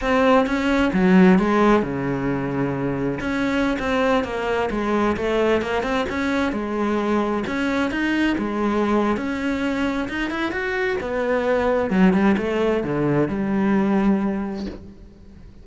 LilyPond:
\new Staff \with { instrumentName = "cello" } { \time 4/4 \tempo 4 = 131 c'4 cis'4 fis4 gis4 | cis2. cis'4~ | cis'16 c'4 ais4 gis4 a8.~ | a16 ais8 c'8 cis'4 gis4.~ gis16~ |
gis16 cis'4 dis'4 gis4.~ gis16 | cis'2 dis'8 e'8 fis'4 | b2 fis8 g8 a4 | d4 g2. | }